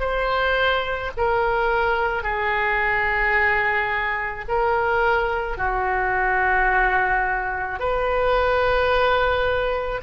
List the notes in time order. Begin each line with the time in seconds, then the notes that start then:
0.00 C5
1.17 A#4
2.23 G#4
4.48 A#4
5.58 F#4
7.79 B4